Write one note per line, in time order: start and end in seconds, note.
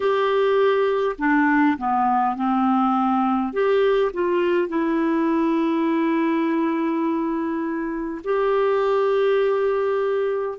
0.00 1.16 G4
1.18 1.77 D4
1.77 2.35 B3
2.35 3.52 C4
3.52 4.11 G4
4.13 4.68 F4
4.68 8.21 E4
8.24 10.58 G4